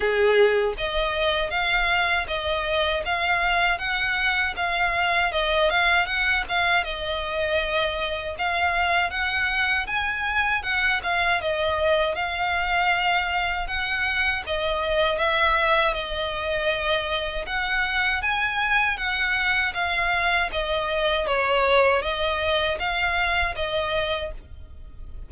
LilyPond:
\new Staff \with { instrumentName = "violin" } { \time 4/4 \tempo 4 = 79 gis'4 dis''4 f''4 dis''4 | f''4 fis''4 f''4 dis''8 f''8 | fis''8 f''8 dis''2 f''4 | fis''4 gis''4 fis''8 f''8 dis''4 |
f''2 fis''4 dis''4 | e''4 dis''2 fis''4 | gis''4 fis''4 f''4 dis''4 | cis''4 dis''4 f''4 dis''4 | }